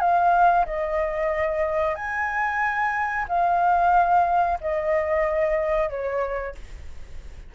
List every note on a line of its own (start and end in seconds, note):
0.00 0.65 F5
0.66 1.95 D#5
1.95 3.25 G#5
3.28 4.59 F5
4.61 5.90 D#5
5.90 6.55 C#5